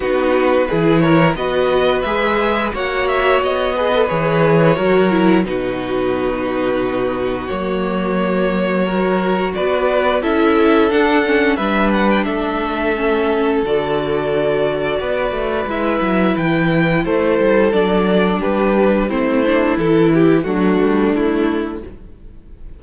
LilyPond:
<<
  \new Staff \with { instrumentName = "violin" } { \time 4/4 \tempo 4 = 88 b'4. cis''8 dis''4 e''4 | fis''8 e''8 dis''4 cis''2 | b'2. cis''4~ | cis''2 d''4 e''4 |
fis''4 e''8 fis''16 g''16 e''2 | d''2. e''4 | g''4 c''4 d''4 b'4 | c''4 a'8 g'8 fis'4 e'4 | }
  \new Staff \with { instrumentName = "violin" } { \time 4/4 fis'4 gis'8 ais'8 b'2 | cis''4. b'4. ais'4 | fis'1~ | fis'4 ais'4 b'4 a'4~ |
a'4 b'4 a'2~ | a'2 b'2~ | b'4 a'2 g'4 | e'2 d'2 | }
  \new Staff \with { instrumentName = "viola" } { \time 4/4 dis'4 e'4 fis'4 gis'4 | fis'4. gis'16 a'16 gis'4 fis'8 e'8 | dis'2. ais4~ | ais4 fis'2 e'4 |
d'8 cis'8 d'2 cis'4 | fis'2. e'4~ | e'2 d'2 | c'8 d'8 e'4 a2 | }
  \new Staff \with { instrumentName = "cello" } { \time 4/4 b4 e4 b4 gis4 | ais4 b4 e4 fis4 | b,2. fis4~ | fis2 b4 cis'4 |
d'4 g4 a2 | d2 b8 a8 gis8 fis8 | e4 a8 g8 fis4 g4 | a4 e4 fis8 g8 a4 | }
>>